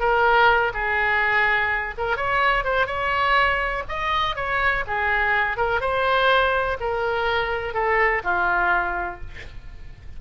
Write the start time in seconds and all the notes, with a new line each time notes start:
0.00 A#4
0.74 G#4
1.98 A#4
2.17 C#5
2.64 C5
2.87 C#5
3.89 D#5
4.36 C#5
4.87 G#4
5.57 A#4
5.81 C5
6.80 A#4
7.74 A4
8.24 F4